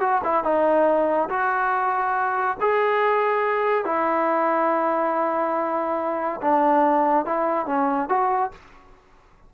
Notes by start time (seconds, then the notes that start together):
0.00 F#4
0.24 E4
0.44 D#4
1.29 F#4
2.61 G#4
3.85 E4
6.41 D4
7.25 E4
7.66 C#4
8.09 F#4